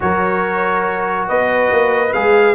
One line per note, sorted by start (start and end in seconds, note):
0.00 1.29 F#3
0.00 2.08 F#4
0.00 1.28 A#4
0.00 1.28 C#5
1.28 1.71 B3
1.28 2.55 B4
1.28 2.13 D#5
1.71 2.13 A#3
2.13 2.55 G#3
2.13 2.55 G#4
2.13 2.55 F5